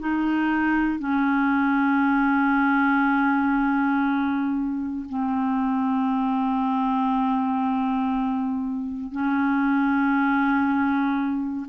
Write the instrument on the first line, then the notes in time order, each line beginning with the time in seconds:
clarinet
0.00 D#4
0.99 C#4
5.09 C4
9.12 C#4